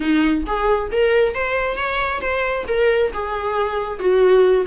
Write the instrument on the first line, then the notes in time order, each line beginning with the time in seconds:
viola
0.00 D#4
0.46 G#4
0.91 A#4
1.34 C5
1.76 C#5
2.21 C5
2.67 A#4
3.13 G#4
3.99 F#4